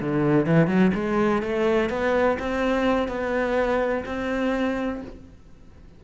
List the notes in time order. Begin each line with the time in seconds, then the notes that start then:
0.00 D3
0.46 E3
0.67 F#3
0.94 G#3
1.42 A3
1.89 B3
2.39 C4
3.08 B3
4.05 C4